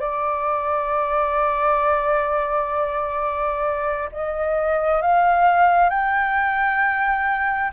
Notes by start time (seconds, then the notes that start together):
0.00 D5
4.12 D#5
5.02 F5
5.90 G5